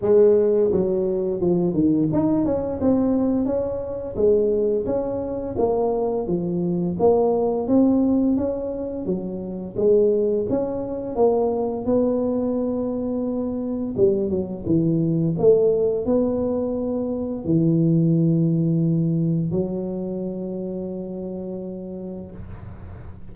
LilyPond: \new Staff \with { instrumentName = "tuba" } { \time 4/4 \tempo 4 = 86 gis4 fis4 f8 dis8 dis'8 cis'8 | c'4 cis'4 gis4 cis'4 | ais4 f4 ais4 c'4 | cis'4 fis4 gis4 cis'4 |
ais4 b2. | g8 fis8 e4 a4 b4~ | b4 e2. | fis1 | }